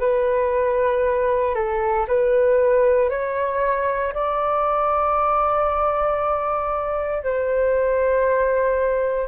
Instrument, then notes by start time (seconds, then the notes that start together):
flute
0.00 B4
1.55 A4
2.08 B4
3.10 C#5
4.14 D5
7.24 C5